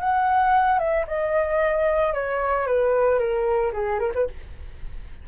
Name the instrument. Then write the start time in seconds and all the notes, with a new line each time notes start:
flute
0.00 F#5
0.79 E5
1.08 D#5
2.14 C#5
2.67 B4
3.19 A#4
3.73 G#4
3.99 A#4
4.15 B4